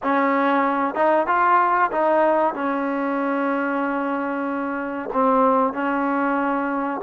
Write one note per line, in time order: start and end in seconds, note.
0.03 0.95 C#4
0.95 1.26 D#4
1.26 1.90 F4
1.91 2.54 D#4
2.54 5.09 C#4
5.13 5.73 C4
5.73 7.00 C#4